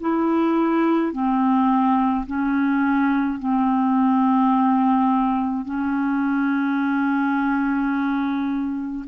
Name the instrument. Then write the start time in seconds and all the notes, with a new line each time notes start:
clarinet
0.00 E4
1.12 C4
2.26 C#4
3.39 C4
5.66 C#4